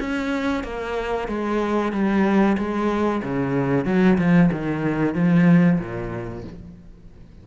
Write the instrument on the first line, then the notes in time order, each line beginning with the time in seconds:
cello
0.00 C#4
0.64 A#3
1.28 G#3
1.93 G3
2.58 G#3
3.23 C#3
3.85 F#3
4.18 F3
4.52 D#3
5.15 F3
5.80 A#2